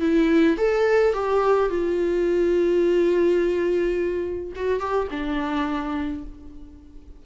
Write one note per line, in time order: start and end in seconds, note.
0.00 0.57 E4
0.57 1.13 A4
1.13 1.69 G4
1.69 4.52 F4
4.55 4.79 F#4
4.79 5.08 G4
5.10 6.23 D4